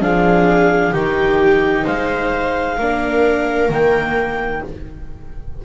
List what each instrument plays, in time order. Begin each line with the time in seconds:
0.00 double bass F3, viola D4 G#4, clarinet F5
0.91 double bass D#3, viola D#4 G4, clarinet G5
1.84 double bass G#3, viola C5, clarinet F5
2.77 double bass A#3, viola D4 A#4
3.69 double bass D#3, viola A#3, clarinet G5